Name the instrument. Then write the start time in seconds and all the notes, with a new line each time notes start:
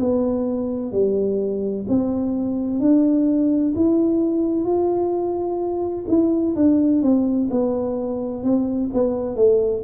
tuba
0.00 B3
0.92 G3
1.88 C4
2.80 D4
3.75 E4
4.65 F4
6.09 E4
6.55 D4
7.02 C4
7.51 B3
8.43 C4
8.93 B3
9.36 A3